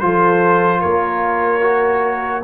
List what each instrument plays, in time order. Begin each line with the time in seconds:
0.00 tuba F3, trombone F4, horn A4, trumpet C5
0.79 tuba A#3, horn A#4, trumpet C#5
1.61 trombone F#4